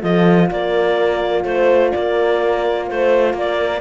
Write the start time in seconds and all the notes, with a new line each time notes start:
0.00 F3 F4 A4 D#5
0.50 A#3 A#4 D5
1.44 A3 C5
1.91 A#3 A#4 D5
2.88 A3 C5
3.33 A#3 A#4 D5